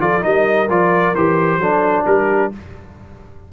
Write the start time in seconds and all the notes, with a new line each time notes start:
0.00 F3 F4 A4 D5
0.22 G3 D#4 A#4 D#5
0.69 F3 F4 D5
1.15 E3 G4 C5
1.58 F#3 D4 A4
2.06 G3 G4 A#4